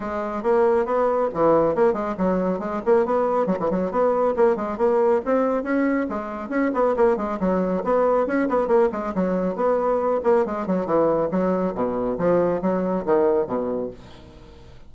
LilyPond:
\new Staff \with { instrumentName = "bassoon" } { \time 4/4 \tempo 4 = 138 gis4 ais4 b4 e4 | ais8 gis8 fis4 gis8 ais8 b4 | fis16 e16 fis8 b4 ais8 gis8 ais4 | c'4 cis'4 gis4 cis'8 b8 |
ais8 gis8 fis4 b4 cis'8 b8 | ais8 gis8 fis4 b4. ais8 | gis8 fis8 e4 fis4 b,4 | f4 fis4 dis4 b,4 | }